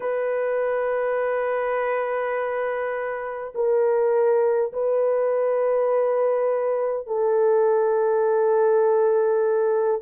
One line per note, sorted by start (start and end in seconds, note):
0.00 3.53 B4
3.55 4.72 A#4
4.73 7.06 B4
7.06 10.01 A4